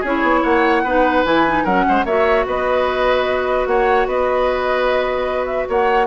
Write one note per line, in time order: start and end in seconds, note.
0.00 0.22 C#4
0.00 0.86 E4
0.00 0.40 G#4
0.00 0.43 C#5
0.22 0.42 B3
0.42 0.83 A#3
0.42 0.83 C#5
0.42 1.24 F#5
0.83 1.24 B3
0.83 1.25 D#4
0.83 1.64 B4
1.24 1.65 E3
1.24 1.45 E4
1.24 1.65 G#5
1.47 1.66 D#4
1.64 1.85 F#3
1.64 2.06 C#4
1.64 1.84 A#4
1.64 2.05 F#5
1.88 2.05 G#3
1.88 2.05 C5
2.05 2.45 A#3
2.05 6.07 F#4
2.05 2.45 C#5
2.05 2.46 E5
2.46 3.66 B3
2.46 3.68 B4
2.46 3.67 D#5
3.66 4.06 A#3
3.66 4.07 C#5
3.66 4.07 F#5
4.06 5.67 B3
4.06 5.68 B4
4.06 5.46 D#5
5.46 5.66 E5
5.68 6.07 A#3
5.68 6.07 C#5
5.68 6.07 F#5